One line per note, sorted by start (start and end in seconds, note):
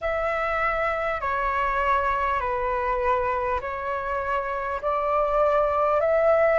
0.01 1.20 E5
1.20 2.39 C#5
2.39 3.59 B4
3.60 4.80 C#5
4.81 6.00 D5
6.00 6.59 E5